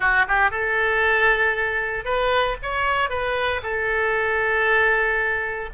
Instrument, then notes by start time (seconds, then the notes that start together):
oboe
0.00 F#4
0.28 G4
0.50 A4
2.04 B4
2.62 C#5
3.09 B4
3.63 A4